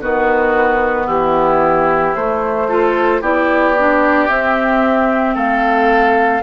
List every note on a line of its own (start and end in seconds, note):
0.00 1.07 D#3
0.00 2.14 B3
0.00 1.06 F#4
0.00 1.08 B4
1.06 2.14 E3
1.06 2.67 E4
1.06 2.15 G4
2.15 3.21 A3
2.15 2.68 A3
2.15 3.22 C5
2.68 3.21 F4
2.68 3.21 A4
3.21 4.28 B3
3.21 3.75 E4
3.21 5.34 G4
3.21 4.28 D5
3.78 4.28 D4
4.28 6.42 C4
4.28 5.35 C4
4.28 5.35 E5
5.34 6.42 A3
5.34 6.42 A4
5.34 6.43 F5